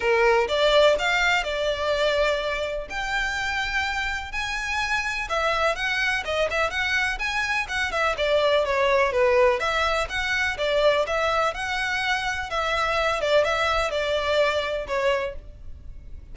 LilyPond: \new Staff \with { instrumentName = "violin" } { \time 4/4 \tempo 4 = 125 ais'4 d''4 f''4 d''4~ | d''2 g''2~ | g''4 gis''2 e''4 | fis''4 dis''8 e''8 fis''4 gis''4 |
fis''8 e''8 d''4 cis''4 b'4 | e''4 fis''4 d''4 e''4 | fis''2 e''4. d''8 | e''4 d''2 cis''4 | }